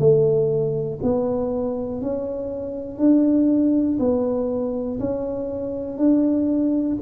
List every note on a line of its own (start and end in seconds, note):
0.00 1.00 A3
1.03 2.02 B3
2.02 2.99 C#4
2.99 3.99 D4
4.00 5.00 B3
5.00 5.98 C#4
5.98 6.98 D4